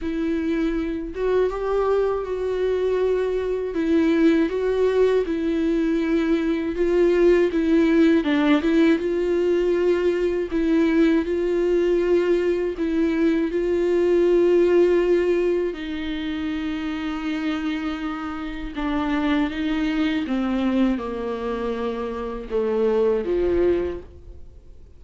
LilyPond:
\new Staff \with { instrumentName = "viola" } { \time 4/4 \tempo 4 = 80 e'4. fis'8 g'4 fis'4~ | fis'4 e'4 fis'4 e'4~ | e'4 f'4 e'4 d'8 e'8 | f'2 e'4 f'4~ |
f'4 e'4 f'2~ | f'4 dis'2.~ | dis'4 d'4 dis'4 c'4 | ais2 a4 f4 | }